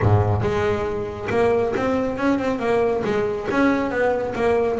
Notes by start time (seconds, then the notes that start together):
0.01 G#2
0.41 G#3
1.30 A#3
1.76 C4
2.17 C#4
2.39 C4
2.59 A#3
3.04 G#3
3.50 C#4
3.90 B3
4.35 A#3